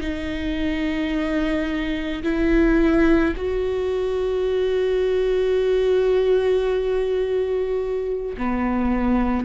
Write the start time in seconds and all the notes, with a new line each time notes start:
0.00 D#4
2.23 E4
3.36 F#4
8.37 B3